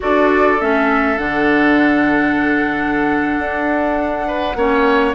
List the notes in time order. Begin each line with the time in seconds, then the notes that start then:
0.00 D4 F#4 A4 D5
0.59 A3 C#4 E5
1.17 D3 D4 F#5
3.38 D4
4.27 B4
4.55 A#3 C#4 C#5